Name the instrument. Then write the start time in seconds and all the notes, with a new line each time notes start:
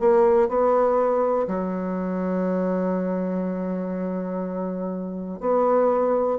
bassoon
0.00 A#3
0.49 B3
1.48 F#3
5.41 B3